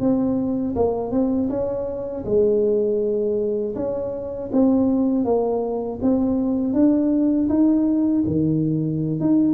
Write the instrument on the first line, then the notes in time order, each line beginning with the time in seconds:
tuba
0.00 C4
0.76 A#3
1.12 C4
1.50 C#4
2.26 G#3
3.76 C#4
4.52 C4
5.25 A#3
6.02 C4
6.74 D4
7.49 D#4
8.27 D#3
9.20 D#4